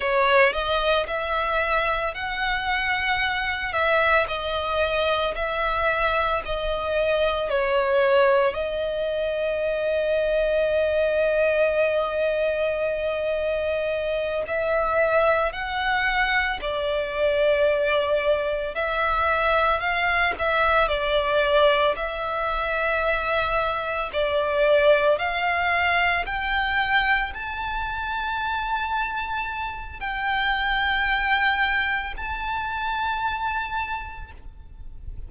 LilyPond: \new Staff \with { instrumentName = "violin" } { \time 4/4 \tempo 4 = 56 cis''8 dis''8 e''4 fis''4. e''8 | dis''4 e''4 dis''4 cis''4 | dis''1~ | dis''4. e''4 fis''4 d''8~ |
d''4. e''4 f''8 e''8 d''8~ | d''8 e''2 d''4 f''8~ | f''8 g''4 a''2~ a''8 | g''2 a''2 | }